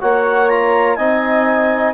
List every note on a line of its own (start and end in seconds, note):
0.00 0.97 A#3
0.00 0.50 F#4
0.00 0.96 C#5
0.00 0.49 F#5
0.49 0.98 F4
0.49 0.95 A#5
0.95 1.94 C4
0.95 1.94 D#4
0.95 1.94 D#5
0.95 1.93 G#5